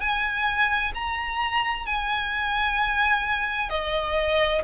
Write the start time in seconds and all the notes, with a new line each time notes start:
0.00 G#5
0.95 A#5
1.86 G#5
3.70 D#5